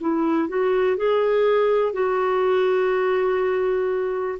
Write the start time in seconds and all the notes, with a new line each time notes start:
0.00 E4
0.48 F#4
0.96 G#4
1.92 F#4